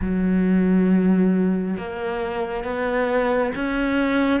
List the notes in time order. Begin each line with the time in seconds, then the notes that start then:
0.01 F#3
1.76 A#3
2.64 B3
3.55 C#4